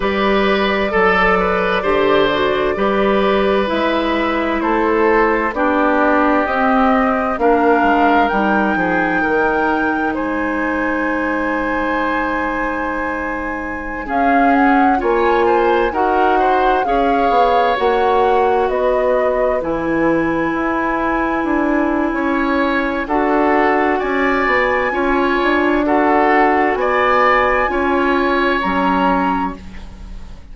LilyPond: <<
  \new Staff \with { instrumentName = "flute" } { \time 4/4 \tempo 4 = 65 d''1 | e''4 c''4 d''4 dis''4 | f''4 g''2 gis''4~ | gis''2.~ gis''16 f''8 fis''16~ |
fis''16 gis''4 fis''4 f''4 fis''8.~ | fis''16 dis''4 gis''2~ gis''8.~ | gis''4 fis''4 gis''2 | fis''4 gis''2 ais''4 | }
  \new Staff \with { instrumentName = "oboe" } { \time 4/4 b'4 a'8 b'8 c''4 b'4~ | b'4 a'4 g'2 | ais'4. gis'8 ais'4 c''4~ | c''2.~ c''16 gis'8.~ |
gis'16 cis''8 c''8 ais'8 c''8 cis''4.~ cis''16~ | cis''16 b'2.~ b'8. | cis''4 a'4 d''4 cis''4 | a'4 d''4 cis''2 | }
  \new Staff \with { instrumentName = "clarinet" } { \time 4/4 g'4 a'4 g'8 fis'8 g'4 | e'2 d'4 c'4 | d'4 dis'2.~ | dis'2.~ dis'16 cis'8.~ |
cis'16 f'4 fis'4 gis'4 fis'8.~ | fis'4~ fis'16 e'2~ e'8.~ | e'4 fis'2 f'4 | fis'2 f'4 cis'4 | }
  \new Staff \with { instrumentName = "bassoon" } { \time 4/4 g4 fis4 d4 g4 | gis4 a4 b4 c'4 | ais8 gis8 g8 f8 dis4 gis4~ | gis2.~ gis16 cis'8.~ |
cis'16 ais4 dis'4 cis'8 b8 ais8.~ | ais16 b4 e4 e'4 d'8. | cis'4 d'4 cis'8 b8 cis'8 d'8~ | d'4 b4 cis'4 fis4 | }
>>